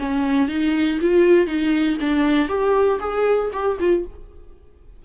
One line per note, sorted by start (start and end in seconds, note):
0.00 0.49 C#4
0.49 1.00 D#4
1.02 1.47 F4
1.47 1.98 D#4
2.01 2.49 D4
2.49 3.00 G4
3.01 3.52 G#4
3.53 3.79 G4
3.80 4.05 F4